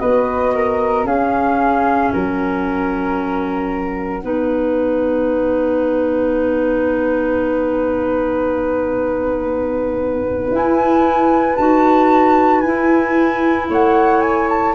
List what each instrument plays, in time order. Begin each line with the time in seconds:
0.00 tuba B3, clarinet F#4, flute B4 D#5
0.55 flute A#4
1.05 tuba C#4, clarinet C#4, flute G#4 F5
2.11 tuba F#3, flute A#4 F#5
4.22 tuba B3, clarinet D#4, flute B4
10.52 tuba E4, clarinet E4, flute G#5
11.56 tuba D#4, clarinet F#4, flute A5
12.61 tuba E4, clarinet E4, flute G#5
13.70 tuba A3, flute C#5 F#5
14.21 flute G#5
14.49 flute A5